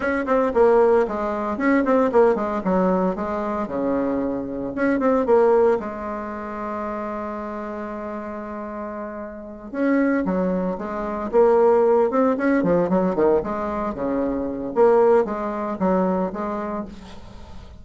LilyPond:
\new Staff \with { instrumentName = "bassoon" } { \time 4/4 \tempo 4 = 114 cis'8 c'8 ais4 gis4 cis'8 c'8 | ais8 gis8 fis4 gis4 cis4~ | cis4 cis'8 c'8 ais4 gis4~ | gis1~ |
gis2~ gis8 cis'4 fis8~ | fis8 gis4 ais4. c'8 cis'8 | f8 fis8 dis8 gis4 cis4. | ais4 gis4 fis4 gis4 | }